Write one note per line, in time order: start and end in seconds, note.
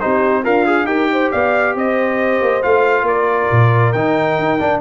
0.00 0.47 C4
0.00 0.44 D#4
0.00 0.43 G4
0.00 0.44 C5
0.43 0.85 D4
0.43 0.87 F4
0.43 0.66 A#4
0.43 0.87 F5
0.66 0.87 G#4
0.85 1.29 D#4
0.85 2.62 G4
0.85 1.09 A#4
0.85 1.30 G5
1.13 1.32 C5
1.32 1.75 B3
1.32 1.76 D5
1.32 1.76 F5
1.75 2.41 C4
1.75 3.07 C5
1.75 2.63 D#5
2.42 2.63 A#3
2.63 3.03 A3
2.63 3.94 F4
2.63 3.07 F5
3.03 3.47 A#3
3.03 4.81 A#4
3.03 3.93 D5
3.52 3.95 A#2
3.93 4.39 D#3
3.93 4.60 D#4
3.93 4.80 G5
4.39 4.61 D#4
4.60 4.81 D4